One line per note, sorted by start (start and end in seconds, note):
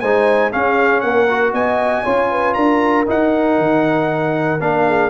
0.00 0.53 G#3
0.00 0.51 D#4
0.00 0.51 C5
0.00 0.51 G#5
0.51 1.27 C#4
0.51 1.04 C#4
0.51 1.02 G#4
0.51 1.00 F5
1.00 1.53 A#3
1.00 1.53 A#4
1.00 1.51 F#5
1.29 2.05 F#4
1.53 2.04 B3
1.53 2.04 D#5
1.53 2.54 G#5
2.04 2.56 C#4
2.04 3.06 F4
2.04 2.29 C#5
2.30 2.55 B4
2.54 3.07 D4
2.54 4.83 A#4
2.54 3.04 A#5
3.06 4.59 D#4
3.06 3.58 D#4
3.06 4.61 F#5
3.58 4.60 D#3
4.60 5.10 A#3
4.60 5.10 D4
4.60 5.10 F5
4.87 5.10 G#4